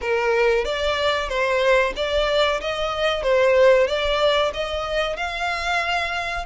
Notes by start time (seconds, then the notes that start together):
0.01 A#4
0.65 D5
1.28 C5
1.95 D5
2.60 D#5
3.22 C5
3.87 D5
4.53 D#5
5.16 F5